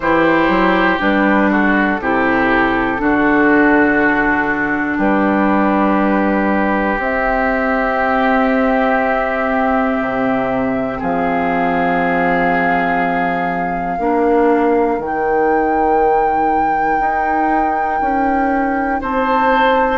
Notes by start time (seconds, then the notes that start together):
0.00 E3 E4 G4 C5
0.48 F#3
0.99 G3 D4 B4
1.50 F#4 A4
2.00 C3 E4 G4
2.97 D3 D4 F#4
4.97 G3 G4 B4
6.98 C4 E5
10.00 C3
10.99 F3 G#4 F5
13.98 A#3 D4 A#4
14.98 D#3 D#4 G5
17.00 D#4
18.00 C#4
19.00 C4 C5 A5